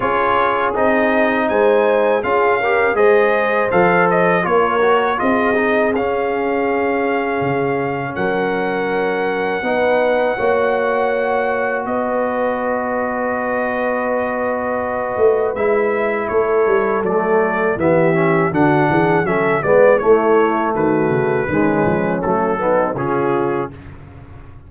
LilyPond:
<<
  \new Staff \with { instrumentName = "trumpet" } { \time 4/4 \tempo 4 = 81 cis''4 dis''4 gis''4 f''4 | dis''4 f''8 dis''8 cis''4 dis''4 | f''2. fis''4~ | fis''1 |
dis''1~ | dis''4 e''4 cis''4 d''4 | e''4 fis''4 e''8 d''8 cis''4 | b'2 a'4 gis'4 | }
  \new Staff \with { instrumentName = "horn" } { \time 4/4 gis'2 c''4 gis'8 ais'8 | c''2 ais'4 gis'4~ | gis'2. ais'4~ | ais'4 b'4 cis''2 |
b'1~ | b'2 a'2 | g'4 fis'8 gis'8 a'8 b'8 e'4 | fis'4 cis'4. dis'8 f'4 | }
  \new Staff \with { instrumentName = "trombone" } { \time 4/4 f'4 dis'2 f'8 g'8 | gis'4 a'4 f'8 fis'8 f'8 dis'8 | cis'1~ | cis'4 dis'4 fis'2~ |
fis'1~ | fis'4 e'2 a4 | b8 cis'8 d'4 cis'8 b8 a4~ | a4 gis4 a8 b8 cis'4 | }
  \new Staff \with { instrumentName = "tuba" } { \time 4/4 cis'4 c'4 gis4 cis'4 | gis4 f4 ais4 c'4 | cis'2 cis4 fis4~ | fis4 b4 ais2 |
b1~ | b8 a8 gis4 a8 g8 fis4 | e4 d8 e8 fis8 gis8 a4 | dis8 cis8 dis8 f8 fis4 cis4 | }
>>